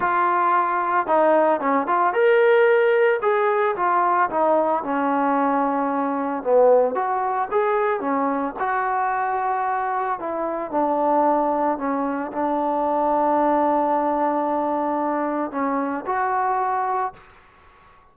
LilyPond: \new Staff \with { instrumentName = "trombone" } { \time 4/4 \tempo 4 = 112 f'2 dis'4 cis'8 f'8 | ais'2 gis'4 f'4 | dis'4 cis'2. | b4 fis'4 gis'4 cis'4 |
fis'2. e'4 | d'2 cis'4 d'4~ | d'1~ | d'4 cis'4 fis'2 | }